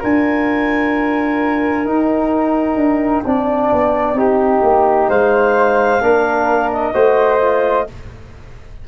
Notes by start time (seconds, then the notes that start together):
0.00 D4 F4 A#4 G#5
1.85 D#4 G5
2.76 D4
3.26 C4 D4 D5
3.72 B3
4.14 C4 D#4 G4
4.62 A#3
5.09 G#3 C5 F5
6.01 A#3 D4 A#4
6.72 D#5
6.94 A3 F#4 C5
7.41 F4